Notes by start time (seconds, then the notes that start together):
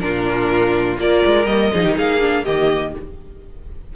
0.00 A#2 D4 F4 A#4
0.98 A#3 F4 A#4 D5
1.26 G#3
1.46 G3 A#3 D#5
1.73 F3 D#4 G#4
1.83 D#3 G4
1.96 A#3 G#4 F5
2.20 D4
2.44 D#3 A#3 G4 D#5